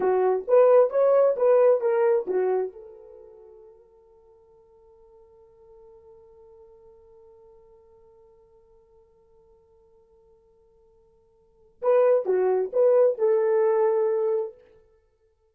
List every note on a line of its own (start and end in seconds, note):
0.00 0.45 F#4
0.47 0.90 B4
0.90 1.35 C#5
1.36 1.81 B4
1.81 2.26 A#4
2.27 2.72 F#4
2.72 11.81 A4
11.82 12.25 B4
12.25 12.71 F#4
12.73 13.18 B4
13.18 14.54 A4